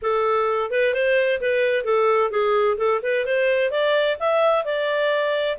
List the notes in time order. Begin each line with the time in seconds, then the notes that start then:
0.01 A4
0.70 B4
0.93 C5
1.40 B4
1.84 A4
2.30 G#4
2.77 A4
3.02 B4
3.25 C5
3.70 D5
4.19 E5
4.64 D5